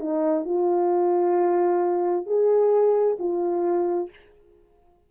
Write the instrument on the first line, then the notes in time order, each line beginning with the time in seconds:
horn
0.00 D#4
0.45 F4
2.26 G#4
3.19 F4